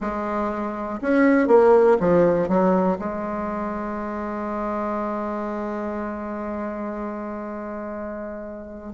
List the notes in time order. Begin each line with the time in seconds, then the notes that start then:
0.00 G#3
1.01 C#4
1.47 A#3
1.99 F3
2.48 F#3
2.99 G#3